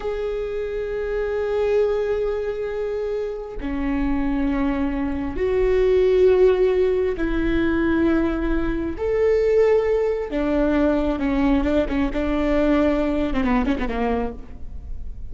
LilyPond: \new Staff \with { instrumentName = "viola" } { \time 4/4 \tempo 4 = 134 gis'1~ | gis'1 | cis'1 | fis'1 |
e'1 | a'2. d'4~ | d'4 cis'4 d'8 cis'8 d'4~ | d'4.~ d'16 c'16 b8 cis'16 b16 ais4 | }